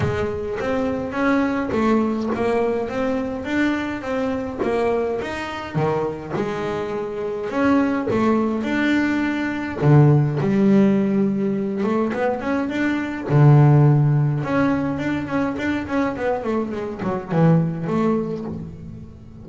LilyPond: \new Staff \with { instrumentName = "double bass" } { \time 4/4 \tempo 4 = 104 gis4 c'4 cis'4 a4 | ais4 c'4 d'4 c'4 | ais4 dis'4 dis4 gis4~ | gis4 cis'4 a4 d'4~ |
d'4 d4 g2~ | g8 a8 b8 cis'8 d'4 d4~ | d4 cis'4 d'8 cis'8 d'8 cis'8 | b8 a8 gis8 fis8 e4 a4 | }